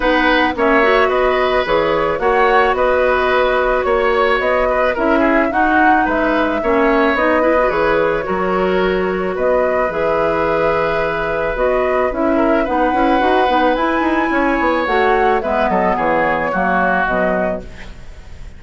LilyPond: <<
  \new Staff \with { instrumentName = "flute" } { \time 4/4 \tempo 4 = 109 fis''4 e''4 dis''4 cis''4 | fis''4 dis''2 cis''4 | dis''4 e''4 fis''4 e''4~ | e''4 dis''4 cis''2~ |
cis''4 dis''4 e''2~ | e''4 dis''4 e''4 fis''4~ | fis''4 gis''2 fis''4 | e''8 dis''8 cis''2 dis''4 | }
  \new Staff \with { instrumentName = "oboe" } { \time 4/4 b'4 cis''4 b'2 | cis''4 b'2 cis''4~ | cis''8 b'8 ais'8 gis'8 fis'4 b'4 | cis''4. b'4. ais'4~ |
ais'4 b'2.~ | b'2~ b'8 ais'8 b'4~ | b'2 cis''2 | b'8 a'8 gis'4 fis'2 | }
  \new Staff \with { instrumentName = "clarinet" } { \time 4/4 dis'4 cis'8 fis'4. gis'4 | fis'1~ | fis'4 e'4 dis'2 | cis'4 dis'8 e'16 fis'16 gis'4 fis'4~ |
fis'2 gis'2~ | gis'4 fis'4 e'4 dis'8 e'8 | fis'8 dis'8 e'2 fis'4 | b2 ais4 fis4 | }
  \new Staff \with { instrumentName = "bassoon" } { \time 4/4 b4 ais4 b4 e4 | ais4 b2 ais4 | b4 cis'4 dis'4 gis4 | ais4 b4 e4 fis4~ |
fis4 b4 e2~ | e4 b4 cis'4 b8 cis'8 | dis'8 b8 e'8 dis'8 cis'8 b8 a4 | gis8 fis8 e4 fis4 b,4 | }
>>